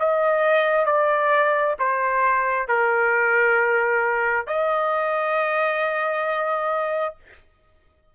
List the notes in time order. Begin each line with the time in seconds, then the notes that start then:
0.00 D#5
0.86 D5
1.80 C5
2.68 A#4
4.47 D#5